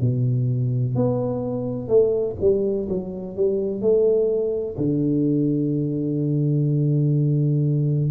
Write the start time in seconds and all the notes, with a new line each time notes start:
0.00 B2
0.95 B3
1.88 A3
2.40 G3
2.88 F#3
3.36 G3
3.81 A3
4.77 D3